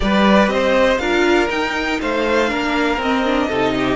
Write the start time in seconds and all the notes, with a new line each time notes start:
0.00 G3 G4 B4 D5
0.47 C4 C5 D#5
0.98 D4 F4 A#4 F5
1.49 D#4 G5
2.01 A3 C5 F5
2.48 A#3 D4 A#4
2.97 C4 D#5
3.25 D4
3.48 C3 D#4 A4
3.76 G4